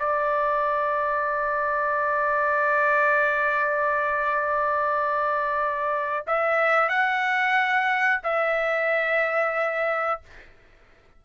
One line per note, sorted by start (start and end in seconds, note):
0.00 6.26 D5
6.28 6.89 E5
6.89 8.21 F#5
8.24 10.21 E5